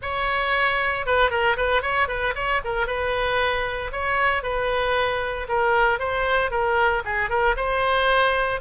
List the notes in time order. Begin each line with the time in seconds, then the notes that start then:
0.01 C#5
1.06 B4
1.30 A#4
1.57 B4
1.82 C#5
2.08 B4
2.35 C#5
2.64 A#4
2.86 B4
3.92 C#5
4.42 B4
5.48 A#4
5.99 C5
6.50 A#4
7.04 G#4
7.29 A#4
7.56 C5